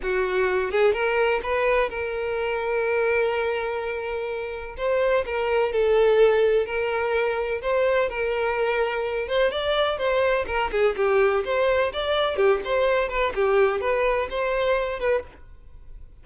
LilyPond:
\new Staff \with { instrumentName = "violin" } { \time 4/4 \tempo 4 = 126 fis'4. gis'8 ais'4 b'4 | ais'1~ | ais'2 c''4 ais'4 | a'2 ais'2 |
c''4 ais'2~ ais'8 c''8 | d''4 c''4 ais'8 gis'8 g'4 | c''4 d''4 g'8 c''4 b'8 | g'4 b'4 c''4. b'8 | }